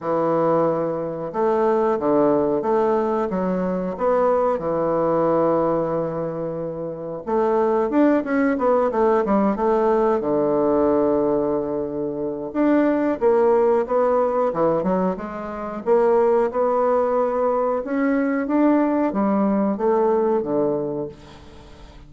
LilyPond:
\new Staff \with { instrumentName = "bassoon" } { \time 4/4 \tempo 4 = 91 e2 a4 d4 | a4 fis4 b4 e4~ | e2. a4 | d'8 cis'8 b8 a8 g8 a4 d8~ |
d2. d'4 | ais4 b4 e8 fis8 gis4 | ais4 b2 cis'4 | d'4 g4 a4 d4 | }